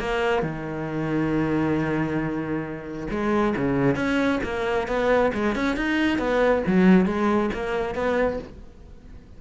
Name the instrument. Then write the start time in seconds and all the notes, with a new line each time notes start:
cello
0.00 A#3
0.43 D#3
3.10 G#3
3.57 C#3
3.96 C#4
4.44 A#3
4.88 B3
5.34 G#3
5.55 C#4
5.77 D#4
6.19 B3
6.67 F#3
7.06 G#3
7.54 A#3
7.95 B3